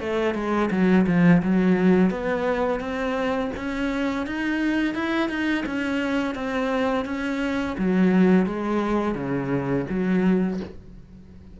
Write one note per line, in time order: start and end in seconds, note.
0.00 0.34 A3
0.34 0.70 G#3
0.71 1.06 F#3
1.07 1.42 F3
1.42 2.10 F#3
2.10 2.80 B3
2.80 3.51 C4
3.56 4.26 C#4
4.26 4.94 D#4
4.94 5.29 E4
5.29 5.64 D#4
5.66 6.35 C#4
6.35 7.05 C4
7.05 7.76 C#4
7.78 8.46 F#3
8.46 9.15 G#3
9.15 9.85 C#3
9.90 10.60 F#3